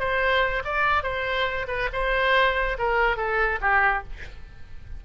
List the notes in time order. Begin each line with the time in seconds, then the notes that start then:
0.00 C5
0.65 D5
1.04 C5
1.68 B4
1.93 C5
2.79 A#4
3.17 A4
3.62 G4